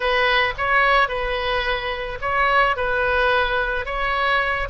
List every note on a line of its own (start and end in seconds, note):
0.00 0.53 B4
0.57 1.08 C#5
1.08 2.18 B4
2.21 2.76 C#5
2.76 3.85 B4
3.85 4.68 C#5